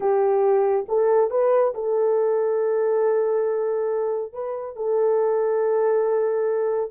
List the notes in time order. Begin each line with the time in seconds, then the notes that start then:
0.00 G4
0.88 A4
1.30 B4
1.74 A4
4.32 B4
4.76 A4